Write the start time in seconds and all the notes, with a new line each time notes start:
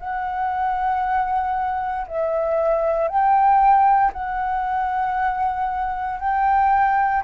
0.00 F#5
2.08 E5
3.08 G5
4.13 F#5
6.20 G5